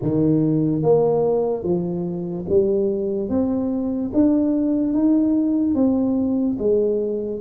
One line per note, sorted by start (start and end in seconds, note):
0.02 0.82 D#3
0.82 1.63 A#3
1.63 2.45 F3
2.48 3.29 G3
3.29 4.11 C4
4.13 4.93 D4
4.93 5.75 D#4
5.75 6.57 C4
6.58 7.40 G#3